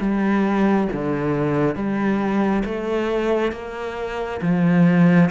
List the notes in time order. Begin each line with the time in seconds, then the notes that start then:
0.00 G3
0.93 D3
1.75 G3
2.65 A3
3.52 A#3
4.42 F3